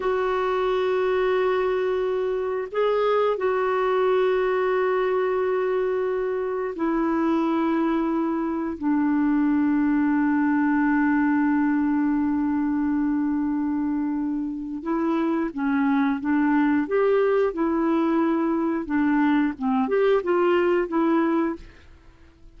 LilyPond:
\new Staff \with { instrumentName = "clarinet" } { \time 4/4 \tempo 4 = 89 fis'1 | gis'4 fis'2.~ | fis'2 e'2~ | e'4 d'2.~ |
d'1~ | d'2 e'4 cis'4 | d'4 g'4 e'2 | d'4 c'8 g'8 f'4 e'4 | }